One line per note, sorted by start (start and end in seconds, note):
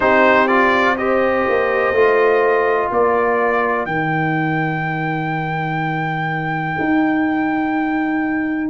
0.00 1.46 C4
0.00 0.48 D#4
0.00 0.96 G4
0.00 0.47 C5
0.47 0.97 F4
0.47 0.96 D5
0.97 1.94 G4
0.97 2.91 C5
0.97 2.90 D#5
1.48 1.92 A#3
1.92 2.89 A3
1.92 3.87 F4
2.90 3.86 A#3
2.90 8.70 A#4
2.90 3.85 D5
3.85 6.76 D#3
3.85 8.70 D#4
3.85 8.69 G5
6.79 8.70 D#4